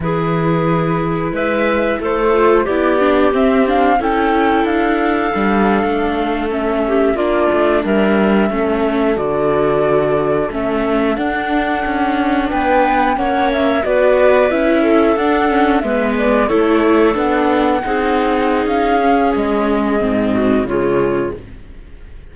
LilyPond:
<<
  \new Staff \with { instrumentName = "flute" } { \time 4/4 \tempo 4 = 90 b'2 e''4 c''4 | d''4 e''8 f''8 g''4 f''4~ | f''4.~ f''16 e''4 d''4 e''16~ | e''4.~ e''16 d''2 e''16~ |
e''8. fis''2 g''4 fis''16~ | fis''16 e''8 d''4 e''4 fis''4 e''16~ | e''16 d''8 cis''4 fis''2~ fis''16 | f''4 dis''2 cis''4 | }
  \new Staff \with { instrumentName = "clarinet" } { \time 4/4 gis'2 b'4 a'4 | g'2 a'2~ | a'2~ a'16 g'8 f'4 ais'16~ | ais'8. a'2.~ a'16~ |
a'2~ a'8. b'4 cis''16~ | cis''8. b'4. a'4. b'16~ | b'8. a'2 gis'4~ gis'16~ | gis'2~ gis'8 fis'8 f'4 | }
  \new Staff \with { instrumentName = "viola" } { \time 4/4 e'2.~ e'8 f'8 | e'8 d'8 c'8 d'8 e'2 | d'4.~ d'16 cis'4 d'4~ d'16~ | d'8. cis'4 fis'2 cis'16~ |
cis'8. d'2. cis'16~ | cis'8. fis'4 e'4 d'8 cis'8 b16~ | b8. e'4 d'4 dis'4~ dis'16~ | dis'8 cis'4. c'4 gis4 | }
  \new Staff \with { instrumentName = "cello" } { \time 4/4 e2 gis4 a4 | b4 c'4 cis'4 d'4 | g8. a2 ais8 a8 g16~ | g8. a4 d2 a16~ |
a8. d'4 cis'4 b4 ais16~ | ais8. b4 cis'4 d'4 gis16~ | gis8. a4 b4 c'4~ c'16 | cis'4 gis4 gis,4 cis4 | }
>>